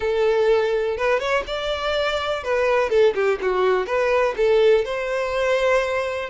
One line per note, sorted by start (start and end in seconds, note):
0.00 0.97 A4
0.97 1.19 B4
1.19 1.43 C#5
1.46 2.43 D5
2.43 2.89 B4
2.89 3.13 A4
3.14 3.38 G4
3.41 3.86 F#4
3.86 4.34 B4
4.37 4.84 A4
4.84 6.29 C5